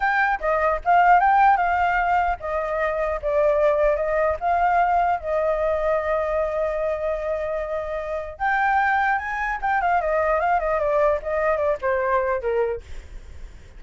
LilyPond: \new Staff \with { instrumentName = "flute" } { \time 4/4 \tempo 4 = 150 g''4 dis''4 f''4 g''4 | f''2 dis''2 | d''2 dis''4 f''4~ | f''4 dis''2.~ |
dis''1~ | dis''4 g''2 gis''4 | g''8 f''8 dis''4 f''8 dis''8 d''4 | dis''4 d''8 c''4. ais'4 | }